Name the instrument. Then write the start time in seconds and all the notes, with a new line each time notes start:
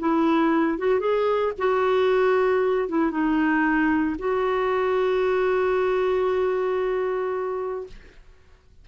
clarinet
0.00 E4
0.79 F#4
1.00 G#4
1.59 F#4
2.89 E4
3.11 D#4
4.19 F#4